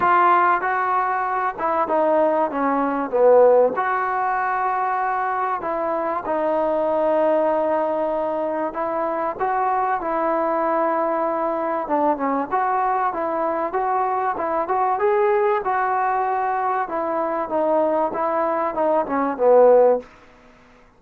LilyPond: \new Staff \with { instrumentName = "trombone" } { \time 4/4 \tempo 4 = 96 f'4 fis'4. e'8 dis'4 | cis'4 b4 fis'2~ | fis'4 e'4 dis'2~ | dis'2 e'4 fis'4 |
e'2. d'8 cis'8 | fis'4 e'4 fis'4 e'8 fis'8 | gis'4 fis'2 e'4 | dis'4 e'4 dis'8 cis'8 b4 | }